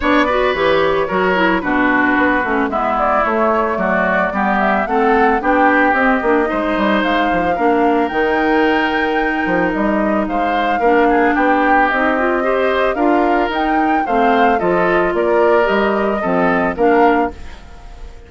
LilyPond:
<<
  \new Staff \with { instrumentName = "flute" } { \time 4/4 \tempo 4 = 111 d''4 cis''2 b'4~ | b'4 e''8 d''8 cis''4 d''4~ | d''8 e''8 fis''4 g''4 dis''4~ | dis''4 f''2 g''4~ |
g''2 dis''4 f''4~ | f''4 g''4 dis''2 | f''4 g''4 f''4 dis''4 | d''4 dis''2 f''4 | }
  \new Staff \with { instrumentName = "oboe" } { \time 4/4 cis''8 b'4. ais'4 fis'4~ | fis'4 e'2 fis'4 | g'4 a'4 g'2 | c''2 ais'2~ |
ais'2. c''4 | ais'8 gis'8 g'2 c''4 | ais'2 c''4 a'4 | ais'2 a'4 ais'4 | }
  \new Staff \with { instrumentName = "clarinet" } { \time 4/4 d'8 fis'8 g'4 fis'8 e'8 d'4~ | d'8 cis'8 b4 a2 | b4 c'4 d'4 c'8 d'8 | dis'2 d'4 dis'4~ |
dis'1 | d'2 dis'8 f'8 g'4 | f'4 dis'4 c'4 f'4~ | f'4 g'4 c'4 d'4 | }
  \new Staff \with { instrumentName = "bassoon" } { \time 4/4 b4 e4 fis4 b,4 | b8 a8 gis4 a4 fis4 | g4 a4 b4 c'8 ais8 | gis8 g8 gis8 f8 ais4 dis4~ |
dis4. f8 g4 gis4 | ais4 b4 c'2 | d'4 dis'4 a4 f4 | ais4 g4 f4 ais4 | }
>>